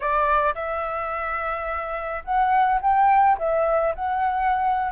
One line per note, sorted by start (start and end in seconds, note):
0.00 0.54 D5
0.55 2.23 E5
2.24 2.80 F#5
2.81 3.37 G5
3.38 3.94 E5
3.95 4.92 F#5